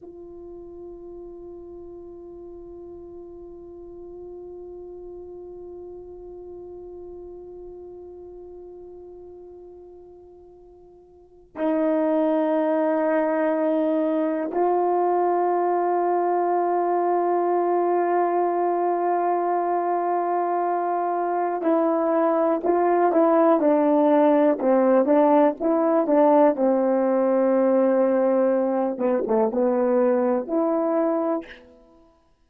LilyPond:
\new Staff \with { instrumentName = "horn" } { \time 4/4 \tempo 4 = 61 f'1~ | f'1~ | f'2.~ f'8. dis'16~ | dis'2~ dis'8. f'4~ f'16~ |
f'1~ | f'2 e'4 f'8 e'8 | d'4 c'8 d'8 e'8 d'8 c'4~ | c'4. b16 a16 b4 e'4 | }